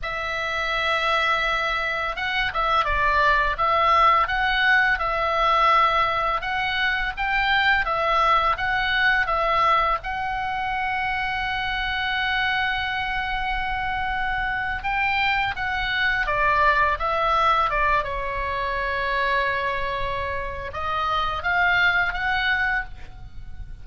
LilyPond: \new Staff \with { instrumentName = "oboe" } { \time 4/4 \tempo 4 = 84 e''2. fis''8 e''8 | d''4 e''4 fis''4 e''4~ | e''4 fis''4 g''4 e''4 | fis''4 e''4 fis''2~ |
fis''1~ | fis''8. g''4 fis''4 d''4 e''16~ | e''8. d''8 cis''2~ cis''8.~ | cis''4 dis''4 f''4 fis''4 | }